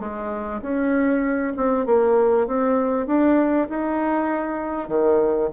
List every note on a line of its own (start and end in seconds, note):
0.00 0.61 G#3
0.62 1.54 C#4
1.57 1.86 C4
1.86 2.48 A#3
2.48 3.07 C4
3.07 3.68 D4
3.70 4.89 D#4
4.89 5.50 D#3